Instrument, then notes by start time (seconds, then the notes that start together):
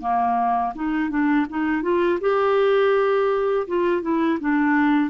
clarinet
0.00 A#3
0.75 D#4
1.10 D4
1.49 D#4
1.82 F4
2.21 G4
3.67 F4
4.02 E4
4.40 D4